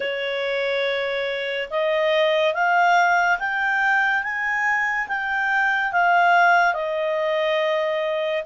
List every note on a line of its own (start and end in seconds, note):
0.00 1.69 C#5
1.70 2.54 D#5
2.54 3.38 F5
3.39 4.23 G5
4.23 5.07 G#5
5.08 5.92 G5
5.92 6.74 F5
6.74 8.43 D#5